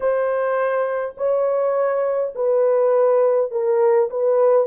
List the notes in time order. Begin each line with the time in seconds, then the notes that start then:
0.00 C5
1.17 C#5
2.35 B4
3.51 A#4
4.10 B4